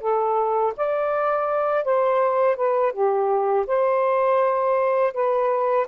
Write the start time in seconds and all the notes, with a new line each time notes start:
0.00 A4
0.77 D5
1.84 C5
2.56 B4
2.92 G4
3.67 C5
5.14 B4